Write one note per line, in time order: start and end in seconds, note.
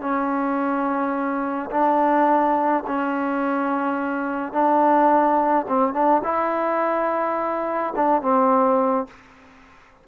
0.00 1.70 C#4
1.71 2.84 D4
2.87 4.52 C#4
4.52 5.66 D4
5.68 5.94 C4
5.94 6.22 D4
6.24 7.94 E4
7.96 8.22 D4
8.22 9.07 C4